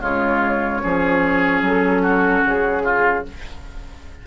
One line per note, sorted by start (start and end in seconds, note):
0.00 0.81 C#3
0.00 0.80 G#3
0.00 0.81 F4
0.00 1.63 C#5
0.84 1.62 F3
0.84 3.24 C#4
0.84 2.02 G#4
1.62 2.42 F#3
1.62 2.46 A4
2.02 2.82 F#4
2.46 3.26 C#3
2.46 3.27 G#4
2.84 3.24 F4